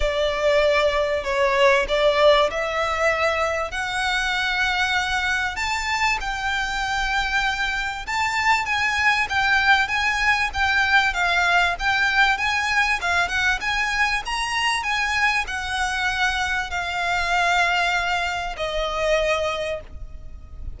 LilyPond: \new Staff \with { instrumentName = "violin" } { \time 4/4 \tempo 4 = 97 d''2 cis''4 d''4 | e''2 fis''2~ | fis''4 a''4 g''2~ | g''4 a''4 gis''4 g''4 |
gis''4 g''4 f''4 g''4 | gis''4 f''8 fis''8 gis''4 ais''4 | gis''4 fis''2 f''4~ | f''2 dis''2 | }